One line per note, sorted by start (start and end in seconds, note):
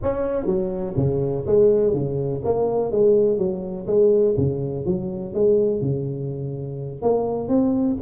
0.02 0.45 C#4
0.45 0.94 F#3
0.96 1.45 C#3
1.46 1.93 G#3
1.93 2.41 C#3
2.44 2.91 A#3
2.91 3.38 G#3
3.38 3.86 F#3
3.86 4.35 G#3
4.37 4.85 C#3
4.85 5.34 F#3
5.34 5.81 G#3
5.81 7.02 C#3
7.02 7.48 A#3
7.48 7.96 C4